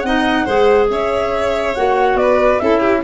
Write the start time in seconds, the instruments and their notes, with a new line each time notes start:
0.00 tuba C4, clarinet D#4, violin D#5, flute F#5
0.45 tuba G#3, clarinet G#4, violin C5
0.90 tuba C#4, violin C#5, flute E5
1.75 tuba A#3, clarinet F#4, flute F#5
2.15 tuba B3, violin B4, flute D5
2.59 tuba C#4, clarinet E4, violin A4, flute E5
2.79 violin G4